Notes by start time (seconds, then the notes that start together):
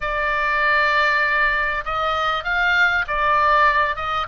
0.00 D5
1.84 D#5
2.44 F5
3.07 D5
3.96 D#5